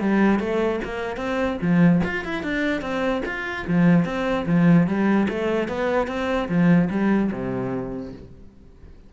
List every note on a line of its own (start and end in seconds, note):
0.00 0.39 G3
0.39 0.80 A3
0.84 1.16 A#3
1.16 1.57 C4
1.61 2.01 F3
2.04 2.24 F4
2.24 2.43 E4
2.43 2.81 D4
2.81 3.22 C4
3.25 3.66 F4
3.67 4.05 F3
4.05 4.45 C4
4.46 4.87 F3
4.87 5.27 G3
5.29 5.68 A3
5.68 6.07 B3
6.07 6.48 C4
6.48 6.89 F3
6.90 7.31 G3
7.32 8.13 C3